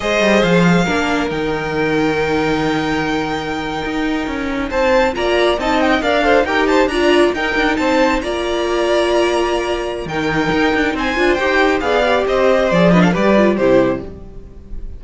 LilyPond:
<<
  \new Staff \with { instrumentName = "violin" } { \time 4/4 \tempo 4 = 137 dis''4 f''2 g''4~ | g''1~ | g''2~ g''8. a''4 ais''16~ | ais''8. a''8 g''8 f''4 g''8 a''8 ais''16~ |
ais''8. g''4 a''4 ais''4~ ais''16~ | ais''2. g''4~ | g''4 gis''4 g''4 f''4 | dis''4 d''8 dis''16 f''16 d''4 c''4 | }
  \new Staff \with { instrumentName = "violin" } { \time 4/4 c''2 ais'2~ | ais'1~ | ais'2~ ais'8. c''4 d''16~ | d''8. dis''4 d''8 c''8 ais'8 c''8 d''16~ |
d''8. ais'4 c''4 d''4~ d''16~ | d''2. ais'4~ | ais'4 c''2 d''4 | c''4. b'16 a'16 b'4 g'4 | }
  \new Staff \with { instrumentName = "viola" } { \time 4/4 gis'2 d'4 dis'4~ | dis'1~ | dis'2.~ dis'8. f'16~ | f'8. dis'4 ais'8 a'8 g'4 f'16~ |
f'8. dis'2 f'4~ f'16~ | f'2. dis'4~ | dis'4. f'8 g'4 gis'8 g'8~ | g'4 gis'8 d'8 g'8 f'8 e'4 | }
  \new Staff \with { instrumentName = "cello" } { \time 4/4 gis8 g8 f4 ais4 dis4~ | dis1~ | dis8. dis'4 cis'4 c'4 ais16~ | ais8. c'4 d'4 dis'4 d'16~ |
d'8. dis'8 d'8 c'4 ais4~ ais16~ | ais2. dis4 | dis'8 d'8 c'8 d'8 dis'4 b4 | c'4 f4 g4 c4 | }
>>